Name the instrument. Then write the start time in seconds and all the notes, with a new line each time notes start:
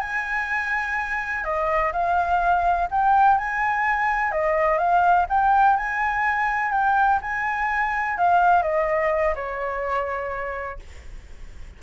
flute
0.00 G#5
1.44 D#5
1.92 F5
2.90 G5
3.38 G#5
4.31 D#5
4.78 F5
5.29 G5
5.76 G#5
6.72 G5
7.22 G#5
8.18 F5
8.62 D#5
9.35 C#5